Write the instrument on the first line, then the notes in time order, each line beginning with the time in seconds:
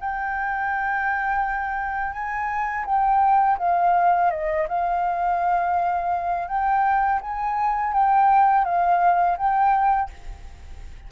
flute
0.00 G5
2.12 G#5
2.85 G5
3.58 F5
4.30 D#5
4.68 F5
6.48 G5
7.21 G#5
7.93 G5
8.64 F5
9.37 G5